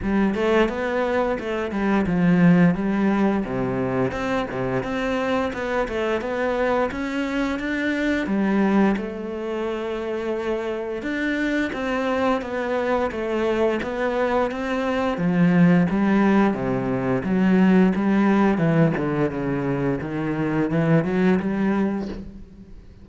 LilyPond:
\new Staff \with { instrumentName = "cello" } { \time 4/4 \tempo 4 = 87 g8 a8 b4 a8 g8 f4 | g4 c4 c'8 c8 c'4 | b8 a8 b4 cis'4 d'4 | g4 a2. |
d'4 c'4 b4 a4 | b4 c'4 f4 g4 | c4 fis4 g4 e8 d8 | cis4 dis4 e8 fis8 g4 | }